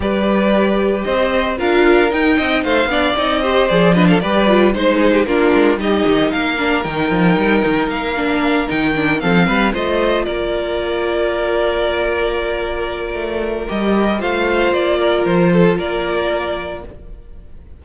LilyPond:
<<
  \new Staff \with { instrumentName = "violin" } { \time 4/4 \tempo 4 = 114 d''2 dis''4 f''4 | g''4 f''4 dis''4 d''8 dis''16 f''16 | d''4 c''4 ais'4 dis''4 | f''4 g''2 f''4~ |
f''8 g''4 f''4 dis''4 d''8~ | d''1~ | d''2 dis''4 f''4 | d''4 c''4 d''2 | }
  \new Staff \with { instrumentName = "violin" } { \time 4/4 b'2 c''4 ais'4~ | ais'8 dis''8 c''8 d''4 c''4 b'16 a'16 | b'4 c''8 gis'16 g'16 f'4 g'4 | ais'1~ |
ais'4. a'8 b'8 c''4 ais'8~ | ais'1~ | ais'2. c''4~ | c''8 ais'4 a'8 ais'2 | }
  \new Staff \with { instrumentName = "viola" } { \time 4/4 g'2. f'4 | dis'4. d'8 dis'8 g'8 gis'8 d'8 | g'8 f'8 dis'4 d'4 dis'4~ | dis'8 d'8 dis'2~ dis'8 d'8~ |
d'8 dis'8 d'8 c'4 f'4.~ | f'1~ | f'2 g'4 f'4~ | f'1 | }
  \new Staff \with { instrumentName = "cello" } { \time 4/4 g2 c'4 d'4 | dis'8 c'8 a8 b8 c'4 f4 | g4 gis4 ais8 gis8 g8 dis8 | ais4 dis8 f8 g8 dis8 ais4~ |
ais8 dis4 f8 g8 a4 ais8~ | ais1~ | ais4 a4 g4 a4 | ais4 f4 ais2 | }
>>